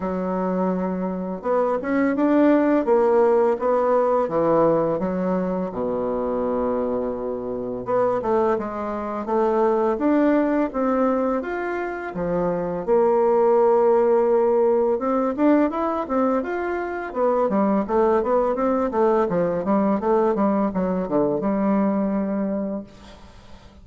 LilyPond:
\new Staff \with { instrumentName = "bassoon" } { \time 4/4 \tempo 4 = 84 fis2 b8 cis'8 d'4 | ais4 b4 e4 fis4 | b,2. b8 a8 | gis4 a4 d'4 c'4 |
f'4 f4 ais2~ | ais4 c'8 d'8 e'8 c'8 f'4 | b8 g8 a8 b8 c'8 a8 f8 g8 | a8 g8 fis8 d8 g2 | }